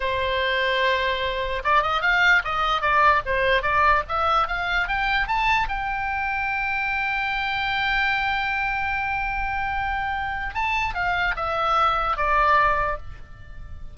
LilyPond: \new Staff \with { instrumentName = "oboe" } { \time 4/4 \tempo 4 = 148 c''1 | d''8 dis''8 f''4 dis''4 d''4 | c''4 d''4 e''4 f''4 | g''4 a''4 g''2~ |
g''1~ | g''1~ | g''2 a''4 f''4 | e''2 d''2 | }